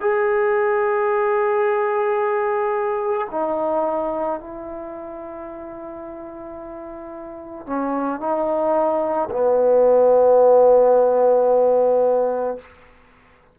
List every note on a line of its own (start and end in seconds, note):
0.00 3.27 G#4
3.30 4.39 D#4
4.39 7.66 E4
7.66 8.20 C#4
8.20 9.29 D#4
9.30 12.58 B3